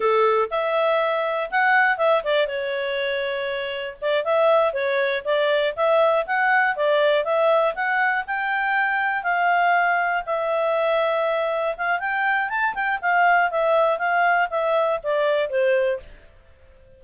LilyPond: \new Staff \with { instrumentName = "clarinet" } { \time 4/4 \tempo 4 = 120 a'4 e''2 fis''4 | e''8 d''8 cis''2. | d''8 e''4 cis''4 d''4 e''8~ | e''8 fis''4 d''4 e''4 fis''8~ |
fis''8 g''2 f''4.~ | f''8 e''2. f''8 | g''4 a''8 g''8 f''4 e''4 | f''4 e''4 d''4 c''4 | }